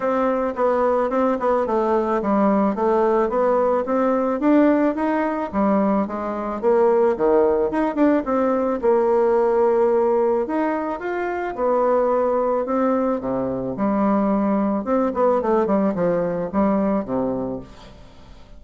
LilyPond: \new Staff \with { instrumentName = "bassoon" } { \time 4/4 \tempo 4 = 109 c'4 b4 c'8 b8 a4 | g4 a4 b4 c'4 | d'4 dis'4 g4 gis4 | ais4 dis4 dis'8 d'8 c'4 |
ais2. dis'4 | f'4 b2 c'4 | c4 g2 c'8 b8 | a8 g8 f4 g4 c4 | }